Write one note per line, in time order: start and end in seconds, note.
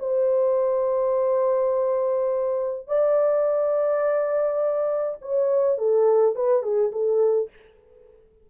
0.00 2.88 C5
2.88 5.19 D5
5.22 5.78 C#5
5.78 6.36 A4
6.36 6.63 B4
6.63 6.92 G#4
6.92 7.50 A4